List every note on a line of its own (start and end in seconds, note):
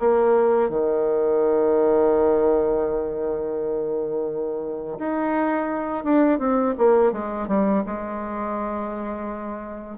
0.00 0.70 A#3
0.70 4.99 D#3
4.99 6.05 D#4
6.05 6.39 D4
6.39 6.75 C4
6.78 7.13 A#3
7.13 7.48 G#3
7.48 7.84 G3
7.87 9.99 G#3